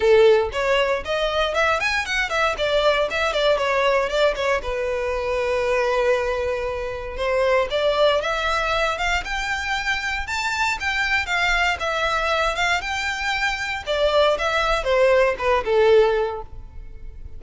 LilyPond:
\new Staff \with { instrumentName = "violin" } { \time 4/4 \tempo 4 = 117 a'4 cis''4 dis''4 e''8 gis''8 | fis''8 e''8 d''4 e''8 d''8 cis''4 | d''8 cis''8 b'2.~ | b'2 c''4 d''4 |
e''4. f''8 g''2 | a''4 g''4 f''4 e''4~ | e''8 f''8 g''2 d''4 | e''4 c''4 b'8 a'4. | }